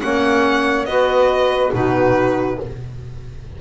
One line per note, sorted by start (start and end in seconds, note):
0.00 0.86 A#3
0.00 0.86 C#4
0.00 0.88 C#5
0.00 0.86 F#5
0.86 1.71 B3
0.86 1.72 F#4
0.86 1.74 B4
0.86 1.71 D#5
1.72 2.59 B2
1.72 2.57 D#4
1.72 2.61 F#4
1.72 2.61 B4